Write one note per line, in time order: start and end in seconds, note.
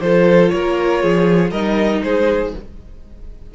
0.00 0.51 F3
0.00 1.53 F4
0.00 0.53 A4
0.00 0.49 C5
0.49 1.03 A#3
0.49 1.02 A#4
0.49 1.50 C#5
1.02 1.50 F3
1.02 1.51 G#4
1.50 2.01 G3
1.50 2.55 D#4
1.50 2.01 A#4
1.50 2.01 D#5
2.03 2.53 G#3
2.03 2.54 G#4
2.03 2.53 C5